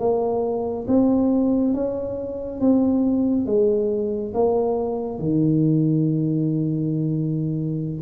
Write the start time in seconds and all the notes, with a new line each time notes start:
0.00 A#3
0.88 C4
1.75 C#4
2.60 C4
3.47 G#3
4.34 A#3
5.19 D#3